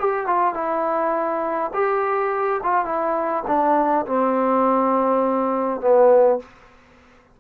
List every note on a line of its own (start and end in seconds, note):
0.00 0.27 G4
0.27 0.55 F4
0.55 1.71 E4
1.74 2.61 G4
2.64 2.86 F4
2.86 3.44 E4
3.48 4.06 D4
4.06 5.81 C4
5.81 6.40 B3